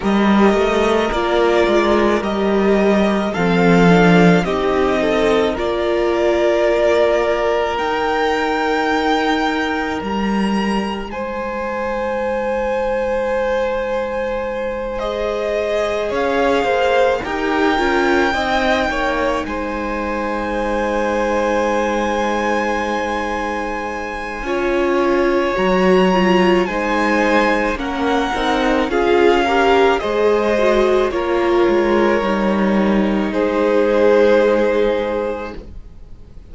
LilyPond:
<<
  \new Staff \with { instrumentName = "violin" } { \time 4/4 \tempo 4 = 54 dis''4 d''4 dis''4 f''4 | dis''4 d''2 g''4~ | g''4 ais''4 gis''2~ | gis''4. dis''4 f''4 g''8~ |
g''4. gis''2~ gis''8~ | gis''2. ais''4 | gis''4 fis''4 f''4 dis''4 | cis''2 c''2 | }
  \new Staff \with { instrumentName = "violin" } { \time 4/4 ais'2. a'4 | g'8 a'8 ais'2.~ | ais'2 c''2~ | c''2~ c''8 cis''8 c''8 ais'8~ |
ais'8 dis''8 cis''8 c''2~ c''8~ | c''2 cis''2 | c''4 ais'4 gis'8 ais'8 c''4 | ais'2 gis'2 | }
  \new Staff \with { instrumentName = "viola" } { \time 4/4 g'4 f'4 g'4 c'8 d'8 | dis'4 f'2 dis'4~ | dis'1~ | dis'4. gis'2 g'8 |
f'8 dis'2.~ dis'8~ | dis'2 f'4 fis'8 f'8 | dis'4 cis'8 dis'8 f'8 g'8 gis'8 fis'8 | f'4 dis'2. | }
  \new Staff \with { instrumentName = "cello" } { \time 4/4 g8 a8 ais8 gis8 g4 f4 | c'4 ais2 dis'4~ | dis'4 g4 gis2~ | gis2~ gis8 cis'8 ais8 dis'8 |
cis'8 c'8 ais8 gis2~ gis8~ | gis2 cis'4 fis4 | gis4 ais8 c'8 cis'4 gis4 | ais8 gis8 g4 gis2 | }
>>